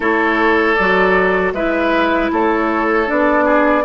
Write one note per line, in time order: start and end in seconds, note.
0.00 0.76 A3
0.00 0.76 E4
0.00 1.53 A4
0.00 0.75 C#5
0.75 1.52 F#3
0.75 1.55 F#4
0.75 1.52 D5
1.52 2.29 G#3
1.52 3.06 E4
1.52 2.31 B4
1.52 2.30 E5
2.32 3.09 A3
2.32 3.44 A4
2.32 3.09 C#5
3.06 3.84 B3
3.06 3.83 D4
3.06 3.84 D5
3.44 3.83 G#4